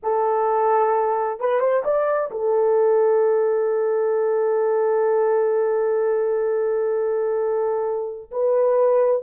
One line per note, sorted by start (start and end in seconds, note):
0.02 1.40 A4
1.40 1.60 B4
1.60 1.83 C5
1.84 2.30 D5
2.31 8.31 A4
8.31 9.22 B4